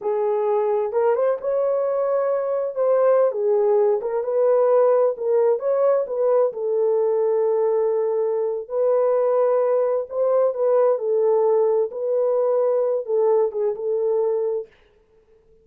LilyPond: \new Staff \with { instrumentName = "horn" } { \time 4/4 \tempo 4 = 131 gis'2 ais'8 c''8 cis''4~ | cis''2 c''4~ c''16 gis'8.~ | gis'8. ais'8 b'2 ais'8.~ | ais'16 cis''4 b'4 a'4.~ a'16~ |
a'2. b'4~ | b'2 c''4 b'4 | a'2 b'2~ | b'8 a'4 gis'8 a'2 | }